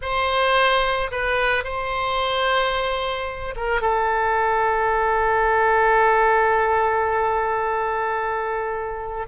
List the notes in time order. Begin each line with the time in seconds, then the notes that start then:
0.01 C5
1.11 B4
1.63 C5
3.56 A#4
3.81 A4